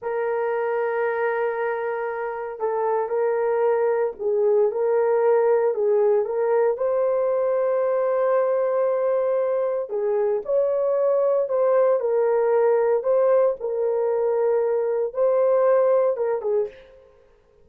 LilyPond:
\new Staff \with { instrumentName = "horn" } { \time 4/4 \tempo 4 = 115 ais'1~ | ais'4 a'4 ais'2 | gis'4 ais'2 gis'4 | ais'4 c''2.~ |
c''2. gis'4 | cis''2 c''4 ais'4~ | ais'4 c''4 ais'2~ | ais'4 c''2 ais'8 gis'8 | }